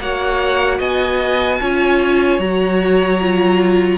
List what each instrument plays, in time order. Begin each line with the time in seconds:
0.00 cello A#3, viola F#4, violin C#5 F#5
0.78 cello B3, violin D#5 G#5
1.60 cello C#4, viola F4, violin C#5
2.39 cello F#3, viola F#4, violin A#5
3.21 viola F4